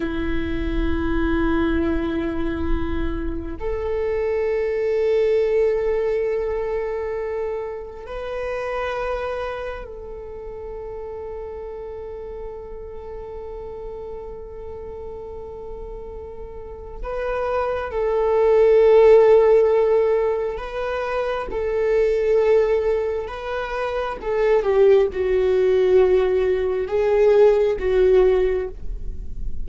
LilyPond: \new Staff \with { instrumentName = "viola" } { \time 4/4 \tempo 4 = 67 e'1 | a'1~ | a'4 b'2 a'4~ | a'1~ |
a'2. b'4 | a'2. b'4 | a'2 b'4 a'8 g'8 | fis'2 gis'4 fis'4 | }